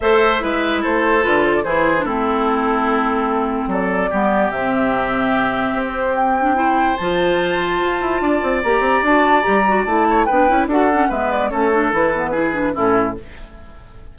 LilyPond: <<
  \new Staff \with { instrumentName = "flute" } { \time 4/4 \tempo 4 = 146 e''2 c''4 b'8 c''16 d''16 | c''4 a'2.~ | a'4 d''2 e''4~ | e''2~ e''16 c''8. g''4~ |
g''4 a''2.~ | a''4 ais''4 a''4 ais''4 | a''4 g''4 fis''4 e''8 d''8 | cis''4 b'2 a'4 | }
  \new Staff \with { instrumentName = "oboe" } { \time 4/4 c''4 b'4 a'2 | gis'4 e'2.~ | e'4 a'4 g'2~ | g'1 |
c''1 | d''1~ | d''8 cis''8 b'4 a'4 b'4 | a'2 gis'4 e'4 | }
  \new Staff \with { instrumentName = "clarinet" } { \time 4/4 a'4 e'2 f'4 | e'8. d'16 c'2.~ | c'2 b4 c'4~ | c'2.~ c'8 d'8 |
e'4 f'2.~ | f'4 g'4 fis'4 g'8 fis'8 | e'4 d'8 e'8 fis'8 cis'8 b4 | cis'8 d'8 e'8 b8 e'8 d'8 cis'4 | }
  \new Staff \with { instrumentName = "bassoon" } { \time 4/4 a4 gis4 a4 d4 | e4 a2.~ | a4 fis4 g4 c4~ | c2 c'2~ |
c'4 f2 f'8 e'8 | d'8 c'8 ais8 c'8 d'4 g4 | a4 b8 cis'8 d'4 gis4 | a4 e2 a,4 | }
>>